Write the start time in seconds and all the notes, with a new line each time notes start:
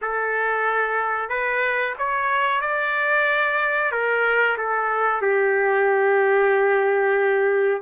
0.01 A4
1.29 B4
1.98 C#5
2.61 D5
3.91 A#4
4.57 A4
5.21 G4